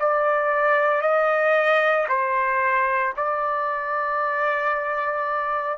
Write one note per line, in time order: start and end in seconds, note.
0.00 1.02 D5
1.02 2.07 D#5
2.09 3.14 C5
3.17 5.78 D5